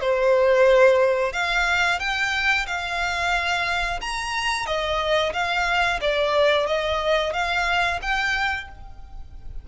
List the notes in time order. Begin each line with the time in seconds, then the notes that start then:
0.00 C5
1.32 F5
1.99 G5
2.67 F5
4.01 A#5
4.66 D#5
5.33 F5
6.01 D5
6.66 D#5
7.33 F5
8.02 G5